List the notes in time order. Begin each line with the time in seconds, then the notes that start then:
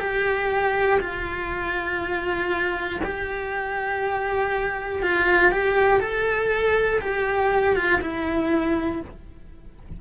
0.00 G4
1.00 F4
3.04 G4
5.03 F4
5.52 G4
6.00 A4
7.00 G4
7.75 F4
8.01 E4